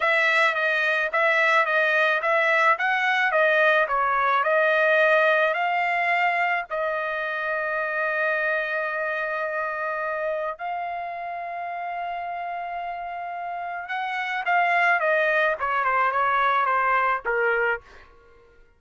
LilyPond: \new Staff \with { instrumentName = "trumpet" } { \time 4/4 \tempo 4 = 108 e''4 dis''4 e''4 dis''4 | e''4 fis''4 dis''4 cis''4 | dis''2 f''2 | dis''1~ |
dis''2. f''4~ | f''1~ | f''4 fis''4 f''4 dis''4 | cis''8 c''8 cis''4 c''4 ais'4 | }